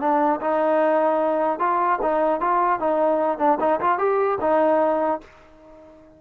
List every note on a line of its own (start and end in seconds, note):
0.00 0.40 D4
0.41 1.59 D#4
1.59 1.99 F4
2.02 2.41 D#4
2.41 2.79 F4
2.79 3.39 D#4
3.39 3.59 D4
3.60 3.80 D#4
3.81 3.98 F4
3.98 4.38 G4
4.41 5.21 D#4